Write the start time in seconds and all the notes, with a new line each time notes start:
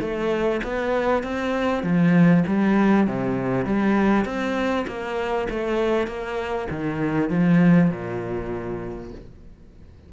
0.00 A3
0.63 B3
1.23 C4
1.83 F3
2.47 G3
3.07 C3
3.65 G3
4.25 C4
4.87 A#3
5.50 A3
6.07 A#3
6.70 D#3
7.29 F3
7.90 A#2